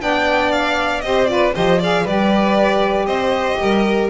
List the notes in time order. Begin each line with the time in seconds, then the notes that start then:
0.00 B3 D4 D5 G5
0.52 F5
1.01 C4 G4 C5 D#5
1.26 F4 B4 D5
1.54 F3 G4 C5 D#5
1.79 G#4 D5 F5
2.04 G3 G4 B4 D5
3.06 C4 C5 D#5
3.61 G3 A#4